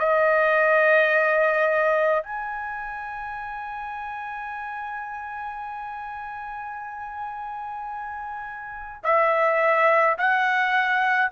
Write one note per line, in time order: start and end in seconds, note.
0.00 2.24 D#5
2.24 9.03 G#5
9.04 10.17 E5
10.18 11.32 F#5